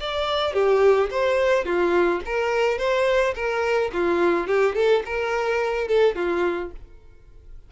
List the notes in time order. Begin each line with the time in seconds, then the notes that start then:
0.00 D5
0.54 G4
1.11 C5
1.65 F4
2.26 A#4
2.78 C5
3.35 A#4
3.93 F4
4.47 G4
4.75 A4
5.06 A#4
5.88 A4
6.15 F4